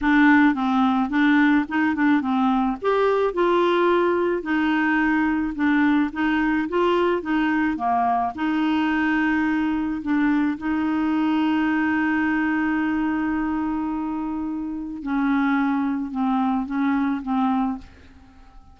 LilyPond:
\new Staff \with { instrumentName = "clarinet" } { \time 4/4 \tempo 4 = 108 d'4 c'4 d'4 dis'8 d'8 | c'4 g'4 f'2 | dis'2 d'4 dis'4 | f'4 dis'4 ais4 dis'4~ |
dis'2 d'4 dis'4~ | dis'1~ | dis'2. cis'4~ | cis'4 c'4 cis'4 c'4 | }